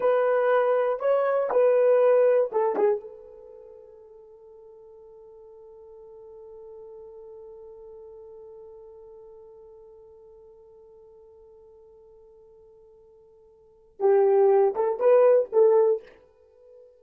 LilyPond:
\new Staff \with { instrumentName = "horn" } { \time 4/4 \tempo 4 = 120 b'2 cis''4 b'4~ | b'4 a'8 gis'8 a'2~ | a'1~ | a'1~ |
a'1~ | a'1~ | a'1 | g'4. a'8 b'4 a'4 | }